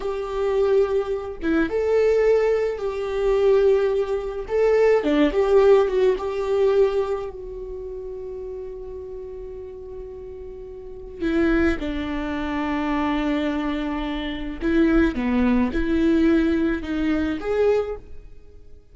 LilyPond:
\new Staff \with { instrumentName = "viola" } { \time 4/4 \tempo 4 = 107 g'2~ g'8 e'8 a'4~ | a'4 g'2. | a'4 d'8 g'4 fis'8 g'4~ | g'4 fis'2.~ |
fis'1 | e'4 d'2.~ | d'2 e'4 b4 | e'2 dis'4 gis'4 | }